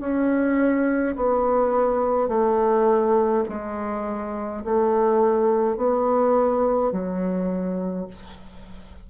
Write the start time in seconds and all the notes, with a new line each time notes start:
0.00 C#4
1.16 B3
2.28 A3
3.49 G#3
4.64 A3
5.76 B3
6.92 F#3